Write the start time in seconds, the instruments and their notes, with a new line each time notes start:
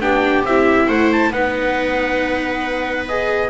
0.00 double bass B3, viola D4 G4, trumpet G5
0.45 double bass C4, viola E4, trumpet E5
0.87 double bass A3, viola C5, trumpet F#5
1.12 trumpet A5
1.31 double bass B3, viola D#4 B4, trumpet F#5
3.08 viola G#4, trumpet D#5